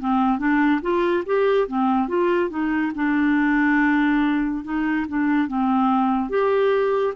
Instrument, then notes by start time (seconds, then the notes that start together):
clarinet
0.00 C4
0.39 D4
0.82 F4
1.26 G4
1.68 C4
2.08 F4
2.50 D#4
2.95 D4
4.64 D#4
5.08 D4
5.48 C4
6.30 G4